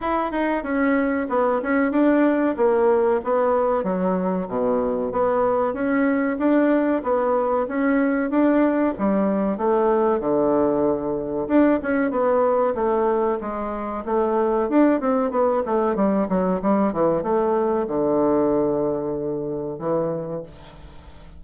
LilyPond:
\new Staff \with { instrumentName = "bassoon" } { \time 4/4 \tempo 4 = 94 e'8 dis'8 cis'4 b8 cis'8 d'4 | ais4 b4 fis4 b,4 | b4 cis'4 d'4 b4 | cis'4 d'4 g4 a4 |
d2 d'8 cis'8 b4 | a4 gis4 a4 d'8 c'8 | b8 a8 g8 fis8 g8 e8 a4 | d2. e4 | }